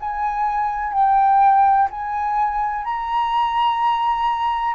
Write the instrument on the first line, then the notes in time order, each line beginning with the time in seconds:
flute
0.00 G#5
0.93 G5
1.90 G#5
2.84 A#5